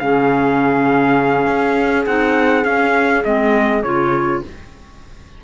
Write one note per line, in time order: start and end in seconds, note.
0.00 1.48 C#3
0.00 2.07 C#4
0.00 4.42 G#4
0.00 2.06 F5
1.48 2.06 C#4
2.06 2.65 C4
2.06 2.64 D#4
2.06 2.65 F#5
2.64 3.23 C#4
2.64 3.24 C#4
2.64 3.24 F5
3.24 3.84 G#3
3.24 3.83 C4
3.24 3.84 D#5
3.84 4.43 C#3
3.84 4.44 F4
3.84 4.42 C#5